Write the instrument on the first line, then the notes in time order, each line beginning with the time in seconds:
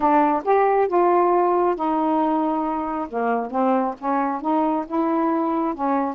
saxophone
0.00 D4
0.44 G4
0.88 F4
1.75 D#4
3.08 A#3
3.51 C4
3.98 C#4
4.41 D#4
4.86 E4
5.74 C#4